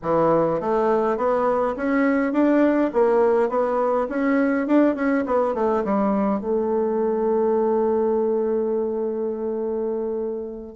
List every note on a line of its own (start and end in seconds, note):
0.02 0.60 E3
0.60 1.17 A3
1.17 1.75 B3
1.76 2.32 C#4
2.32 2.90 D4
2.93 3.49 A#3
3.49 4.07 B3
4.09 4.67 C#4
4.67 4.95 D4
4.95 5.24 C#4
5.26 5.54 B3
5.54 5.83 A3
5.84 6.40 G3
6.40 10.75 A3